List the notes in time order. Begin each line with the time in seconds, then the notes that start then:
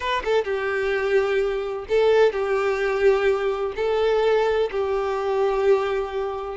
0.00 B4
0.24 A4
0.44 G4
1.89 A4
2.32 G4
3.76 A4
4.71 G4